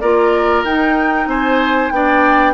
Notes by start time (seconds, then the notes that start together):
0.00 A#3 F4 A#4 D5
0.64 D#4 G5
1.27 C4 C5 G#5
1.91 B3 D4 D5 G5